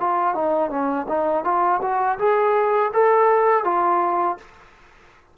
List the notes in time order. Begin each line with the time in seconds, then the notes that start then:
0.00 F4
0.35 D#4
0.70 C#4
1.08 D#4
1.44 F4
1.82 F#4
2.19 G#4
2.93 A4
3.64 F4